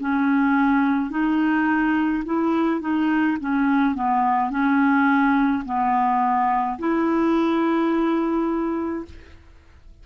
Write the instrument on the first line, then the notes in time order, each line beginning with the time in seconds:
clarinet
0.00 C#4
1.10 D#4
2.25 E4
2.81 D#4
3.40 C#4
3.95 B3
4.50 C#4
5.65 B3
6.79 E4